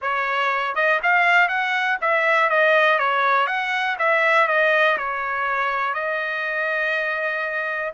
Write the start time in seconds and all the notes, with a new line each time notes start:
0.01 C#5
0.75 D#5
1.03 F5
1.48 F#5
2.01 E5
2.49 D#5
2.99 C#5
3.47 F#5
3.98 E5
4.47 D#5
4.97 C#5
5.94 D#5